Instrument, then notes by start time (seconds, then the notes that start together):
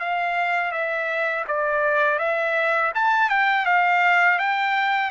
trumpet
0.00 F5
0.72 E5
1.48 D5
2.19 E5
2.95 A5
3.30 G5
3.66 F5
4.39 G5